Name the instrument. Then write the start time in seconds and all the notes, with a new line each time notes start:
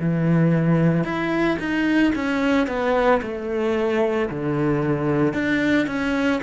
cello
0.00 E3
1.04 E4
1.60 D#4
2.16 C#4
2.67 B3
3.23 A3
4.31 D3
5.34 D4
5.87 C#4